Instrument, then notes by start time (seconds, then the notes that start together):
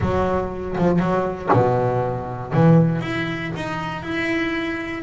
double bass
0.00 F#3
0.77 F3
0.99 F#3
1.52 B2
2.52 E3
3.01 E4
3.55 D#4
4.02 E4